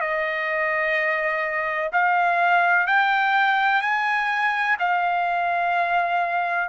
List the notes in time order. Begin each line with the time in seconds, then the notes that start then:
0.00 D#5
1.92 F5
2.87 G5
3.81 G#5
4.79 F5